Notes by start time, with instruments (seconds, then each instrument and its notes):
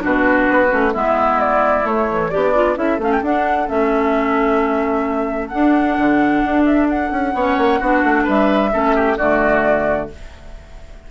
0.00 bassoon B2, clarinet D4, oboe F#4, flute B4
0.49 bassoon B3
0.69 bassoon A3, clarinet C#4
0.93 bassoon G#3, clarinet B3, oboe E4, flute E5
1.40 flute D5
1.84 bassoon A3, clarinet A3, flute C#5
2.10 clarinet E3
2.30 bassoon B3, oboe D4, clarinet G4, flute D5
2.54 clarinet F4
2.75 bassoon C#4, clarinet E4, oboe A4, flute E5
2.98 bassoon A3, clarinet C#4, flute F5
3.12 flute G5
3.22 bassoon D4, clarinet D4, flute F#5
3.68 bassoon A3, clarinet C#4, flute E5
5.48 clarinet D4, bassoon D4, flute F#5
5.98 bassoon D3
6.44 bassoon D4
6.65 flute E5
6.89 flute F#5
7.11 bassoon C#4
7.34 bassoon B3, clarinet C#4, oboe C#5
7.58 bassoon A#3
7.79 bassoon B3, clarinet D4, oboe F#4
8.04 bassoon A3
8.24 bassoon G3, oboe B4, flute E5
8.71 bassoon A3, clarinet C#4, oboe A4
8.96 oboe G4
9.17 bassoon D3, clarinet A3, oboe F#4, flute D5